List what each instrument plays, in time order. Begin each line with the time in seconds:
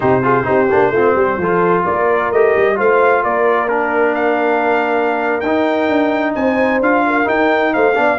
0.00 tuba C3, trombone D#4, horn G4, trumpet C5
0.22 trombone F4, horn G#4
0.43 tuba C4, trombone D#4, horn G4
0.70 tuba A#3, trombone D4
0.90 tuba A3, trombone C4, horn F4
1.15 tuba G3, horn G4
1.37 tuba F3, trombone F4, horn A4
1.84 tuba A#3, horn A#4, trumpet D5
2.31 tuba A3, trombone G4, trumpet D#5
2.56 tuba G3
2.75 tuba A3, trombone F4, horn C5, trumpet F5
3.23 tuba A#3, horn A#4, trumpet D5
3.68 trombone D4, trumpet A#4
4.14 trumpet F5
5.40 tuba D#4, trumpet G5
5.46 trombone D#4
5.88 tuba D4
6.34 tuba C4, horn C5, trumpet G#5
6.80 tuba D4, trombone F4, trumpet F5
7.06 horn A#4
7.24 trombone D#4, tuba D#4, trumpet G5
7.73 tuba A3, horn C5, trumpet F5
7.95 tuba B3, trombone D4, horn D5